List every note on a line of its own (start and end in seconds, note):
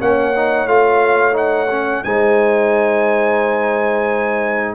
0.00 0.67 A#3
0.00 0.34 C#4
0.00 2.05 C#5
0.00 0.68 F#5
0.37 0.68 D#4
0.67 2.03 A3
0.67 1.33 F4
0.67 1.36 F5
1.33 1.67 D#4
1.33 2.04 F#5
1.71 2.05 C#4
2.04 4.75 G#3
2.04 4.75 D#4
2.04 4.75 C5
2.04 4.75 G#5